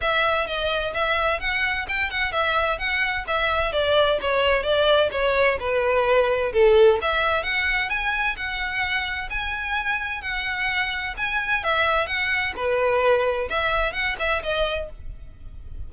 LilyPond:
\new Staff \with { instrumentName = "violin" } { \time 4/4 \tempo 4 = 129 e''4 dis''4 e''4 fis''4 | g''8 fis''8 e''4 fis''4 e''4 | d''4 cis''4 d''4 cis''4 | b'2 a'4 e''4 |
fis''4 gis''4 fis''2 | gis''2 fis''2 | gis''4 e''4 fis''4 b'4~ | b'4 e''4 fis''8 e''8 dis''4 | }